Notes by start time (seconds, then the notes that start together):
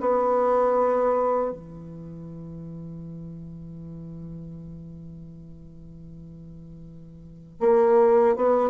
0.00 B3
1.51 E3
7.60 A#3
8.36 B3